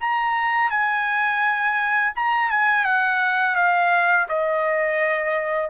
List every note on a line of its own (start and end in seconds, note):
0.00 0.70 A#5
0.70 2.13 G#5
2.15 2.50 A#5
2.50 2.84 G#5
2.84 3.56 F#5
3.56 4.27 F5
4.29 5.70 D#5